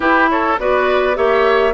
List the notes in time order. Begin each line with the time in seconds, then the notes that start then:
0.00 E4 G4 B4
0.29 A4 C#5
0.59 B3 F#4 B4 D5
1.14 A#3 G4 C#5 E5